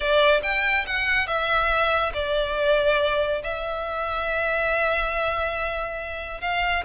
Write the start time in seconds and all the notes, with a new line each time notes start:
0.00 D5
0.42 G5
0.86 F#5
1.26 E5
2.13 D5
3.43 E5
6.40 F5